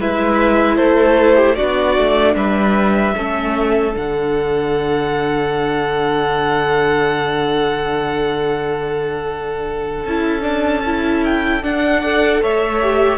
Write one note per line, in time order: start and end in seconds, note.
0.00 0.79 G#3
0.00 1.58 E4
0.00 0.77 B4
0.00 0.77 E5
0.77 1.58 A3
0.77 1.36 A4
0.77 1.56 C5
1.37 1.56 G4
1.56 1.98 B3
1.56 3.16 D4
1.56 2.36 F#4
1.56 2.35 D5
1.98 2.36 A3
2.36 3.15 G3
2.36 3.16 B4
2.36 3.94 E5
3.16 3.97 A3
3.16 3.92 C#4
3.16 12.01 A4
3.92 10.05 D3
3.92 10.04 D4
3.92 10.06 F#5
10.05 11.63 C#4
10.05 10.42 E4
10.05 11.24 A5
10.42 10.82 D4
10.87 11.63 E4
11.25 11.64 G5
11.63 12.03 D4
11.63 12.43 D4
11.63 12.43 F#5
12.01 12.82 A4
12.01 12.41 D5
12.43 13.18 A3
12.43 13.18 C#5
12.43 13.18 E5
12.82 13.18 G4